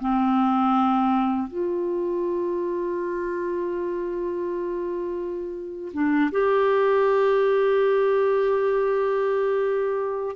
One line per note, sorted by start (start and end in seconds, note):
0.00 1.48 C4
1.48 5.92 F4
5.94 6.31 D4
6.32 10.36 G4